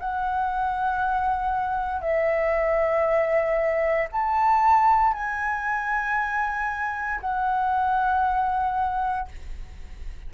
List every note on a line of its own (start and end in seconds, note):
0.00 2.02 F#5
2.02 4.09 E5
4.12 5.14 A5
5.14 7.21 G#5
7.21 9.28 F#5